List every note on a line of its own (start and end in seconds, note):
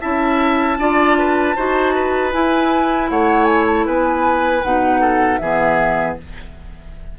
0.00 0.77 C#4
0.00 0.78 E4
0.00 0.77 E5
0.00 2.31 A5
0.77 1.54 D4
0.77 1.56 F4
0.77 1.17 D5
1.18 1.56 B4
1.56 2.33 D#4
1.56 2.31 F#4
1.56 1.94 C5
1.94 3.10 B4
2.31 4.62 E4
2.31 3.10 E4
2.31 3.09 G#5
3.09 3.86 A3
3.09 3.86 C#5
3.09 3.45 F#5
3.45 3.64 G#5
3.67 3.86 A5
3.86 4.63 B3
3.86 5.00 B4
3.86 4.62 G#5
4.62 5.39 B2
4.62 5.40 D#4
4.62 5.37 F#5
5.00 5.39 A4
5.37 6.16 E3
5.37 6.18 B3
5.37 6.18 G#4
5.37 6.14 E5